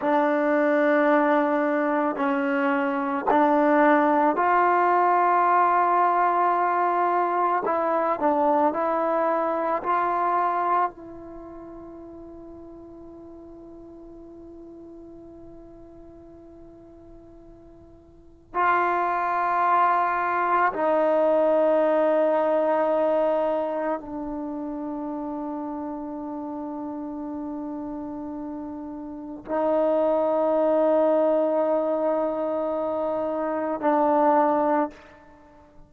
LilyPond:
\new Staff \with { instrumentName = "trombone" } { \time 4/4 \tempo 4 = 55 d'2 cis'4 d'4 | f'2. e'8 d'8 | e'4 f'4 e'2~ | e'1~ |
e'4 f'2 dis'4~ | dis'2 d'2~ | d'2. dis'4~ | dis'2. d'4 | }